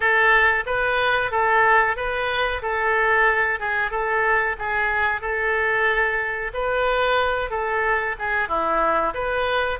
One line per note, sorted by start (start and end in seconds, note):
0.00 0.64 A4
0.66 1.31 B4
1.31 1.96 A4
1.96 2.61 B4
2.61 3.59 A4
3.59 3.90 G#4
3.90 4.56 A4
4.58 5.21 G#4
5.21 6.51 A4
6.53 7.50 B4
7.50 8.15 A4
8.18 8.48 G#4
8.48 9.13 E4
9.14 9.79 B4